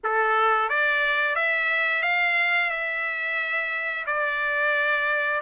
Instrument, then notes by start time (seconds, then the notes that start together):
trumpet
0.03 A4
0.69 D5
1.35 E5
2.03 F5
2.70 E5
4.06 D5